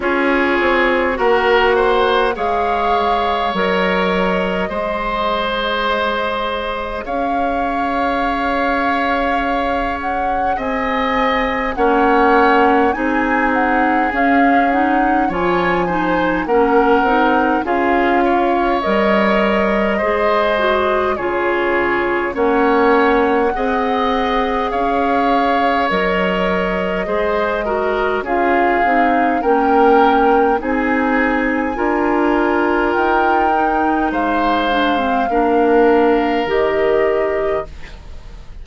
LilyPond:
<<
  \new Staff \with { instrumentName = "flute" } { \time 4/4 \tempo 4 = 51 cis''4 fis''4 f''4 dis''4~ | dis''2 f''2~ | f''8 fis''8 gis''4 fis''4 gis''8 fis''8 | f''8 fis''8 gis''4 fis''4 f''4 |
dis''2 cis''4 fis''4~ | fis''4 f''4 dis''2 | f''4 g''4 gis''2 | g''4 f''2 dis''4 | }
  \new Staff \with { instrumentName = "oboe" } { \time 4/4 gis'4 ais'8 c''8 cis''2 | c''2 cis''2~ | cis''4 dis''4 cis''4 gis'4~ | gis'4 cis''8 c''8 ais'4 gis'8 cis''8~ |
cis''4 c''4 gis'4 cis''4 | dis''4 cis''2 c''8 ais'8 | gis'4 ais'4 gis'4 ais'4~ | ais'4 c''4 ais'2 | }
  \new Staff \with { instrumentName = "clarinet" } { \time 4/4 f'4 fis'4 gis'4 ais'4 | gis'1~ | gis'2 cis'4 dis'4 | cis'8 dis'8 f'8 dis'8 cis'8 dis'8 f'4 |
ais'4 gis'8 fis'8 f'4 cis'4 | gis'2 ais'4 gis'8 fis'8 | f'8 dis'8 cis'4 dis'4 f'4~ | f'8 dis'4 d'16 c'16 d'4 g'4 | }
  \new Staff \with { instrumentName = "bassoon" } { \time 4/4 cis'8 c'8 ais4 gis4 fis4 | gis2 cis'2~ | cis'4 c'4 ais4 c'4 | cis'4 f4 ais8 c'8 cis'4 |
g4 gis4 cis4 ais4 | c'4 cis'4 fis4 gis4 | cis'8 c'8 ais4 c'4 d'4 | dis'4 gis4 ais4 dis4 | }
>>